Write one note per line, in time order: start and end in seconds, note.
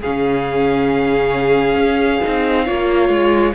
0.00 1.75 C#3
0.00 2.22 C#4
0.00 2.65 G#4
0.00 3.54 F5
1.75 2.19 C#4
2.22 2.68 C4
2.22 2.66 D#4
2.65 3.09 A#3
2.65 3.54 F4
2.65 3.54 C#5
3.09 3.53 G#3